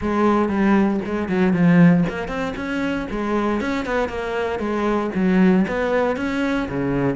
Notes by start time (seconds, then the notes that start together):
0.01 G#3
0.48 G3
1.05 G#3
1.28 F#3
1.53 F3
2.09 A#3
2.28 C4
2.56 C#4
3.10 G#3
3.61 C#4
3.85 B3
4.08 A#3
4.59 G#3
5.14 F#3
5.67 B3
6.16 C#4
6.68 C#3